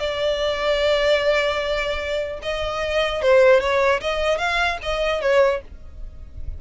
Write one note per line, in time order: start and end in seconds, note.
0.00 2.40 D5
2.43 3.23 D#5
3.23 3.61 C5
3.61 4.01 C#5
4.01 4.38 D#5
4.38 4.78 F5
4.83 5.22 D#5
5.22 5.62 C#5